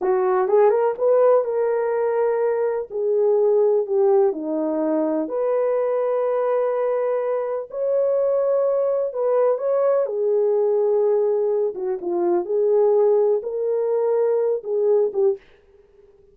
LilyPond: \new Staff \with { instrumentName = "horn" } { \time 4/4 \tempo 4 = 125 fis'4 gis'8 ais'8 b'4 ais'4~ | ais'2 gis'2 | g'4 dis'2 b'4~ | b'1 |
cis''2. b'4 | cis''4 gis'2.~ | gis'8 fis'8 f'4 gis'2 | ais'2~ ais'8 gis'4 g'8 | }